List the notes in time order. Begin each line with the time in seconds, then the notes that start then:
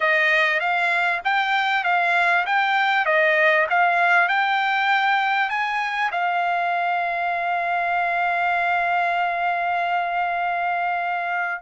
0.00 D#5
0.60 F5
1.24 G5
1.84 F5
2.45 G5
3.05 D#5
3.69 F5
4.28 G5
5.49 G#5
6.11 F5